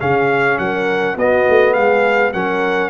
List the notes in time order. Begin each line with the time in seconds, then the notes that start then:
0.00 C#3 C#4 G#4 F5
0.58 F#3 A#4 F#5
1.16 B3 F#4 D#5
1.49 A3
1.73 G#3 G#4 F5
2.33 F#3 C#4 A#4 F#5